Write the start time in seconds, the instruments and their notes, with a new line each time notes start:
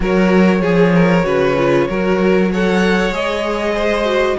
0.00 cello F#3, viola F#4, violin A#4 C#5
0.61 cello F3, violin G#4, viola G#4
0.95 violin A#4
1.23 cello C#3, viola F#4, violin B4
1.57 viola F4
1.89 cello F#3, viola F#4, violin A#4
2.51 viola A4, violin C#5 F#5
3.11 cello G#3, viola G#4, violin D#5
3.74 violin C5
4.04 viola F#4